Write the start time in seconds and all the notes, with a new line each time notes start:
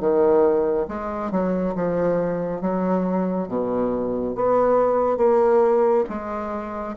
0.00 D#3
0.88 G#3
1.31 F#3
1.75 F3
2.61 F#3
3.48 B2
4.35 B3
5.17 A#3
6.09 G#3